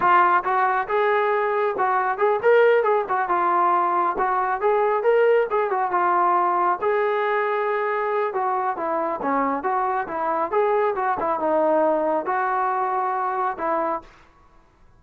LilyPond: \new Staff \with { instrumentName = "trombone" } { \time 4/4 \tempo 4 = 137 f'4 fis'4 gis'2 | fis'4 gis'8 ais'4 gis'8 fis'8 f'8~ | f'4. fis'4 gis'4 ais'8~ | ais'8 gis'8 fis'8 f'2 gis'8~ |
gis'2. fis'4 | e'4 cis'4 fis'4 e'4 | gis'4 fis'8 e'8 dis'2 | fis'2. e'4 | }